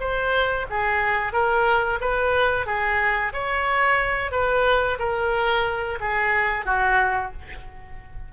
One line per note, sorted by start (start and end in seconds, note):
0.00 0.67 C5
0.70 1.33 G#4
1.33 1.99 A#4
2.01 2.66 B4
2.66 3.33 G#4
3.33 4.32 C#5
4.32 4.98 B4
4.99 5.99 A#4
6.01 6.66 G#4
6.66 7.32 F#4